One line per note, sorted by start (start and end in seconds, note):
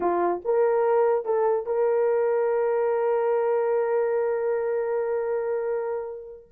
0.00 0.42 F4
0.44 1.25 A#4
1.25 1.66 A4
1.66 6.48 A#4